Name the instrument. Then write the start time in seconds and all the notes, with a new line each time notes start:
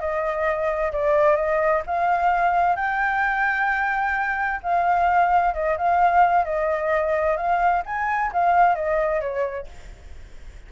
flute
0.00 D#5
0.93 D5
1.36 D#5
1.87 F5
2.76 G5
4.63 F5
5.54 D#5
5.78 F5
6.45 D#5
7.37 F5
7.86 G#5
8.33 F5
8.75 D#5
9.21 C#5